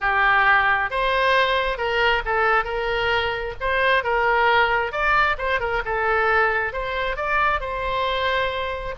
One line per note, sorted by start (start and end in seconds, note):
0.00 0.90 G4
0.90 1.77 C5
1.77 2.22 A#4
2.25 2.64 A4
2.64 3.54 A#4
3.60 4.03 C5
4.03 4.91 A#4
4.91 5.36 D5
5.38 5.59 C5
5.59 5.82 A#4
5.85 6.72 A4
6.72 7.16 C5
7.16 7.60 D5
7.60 8.95 C5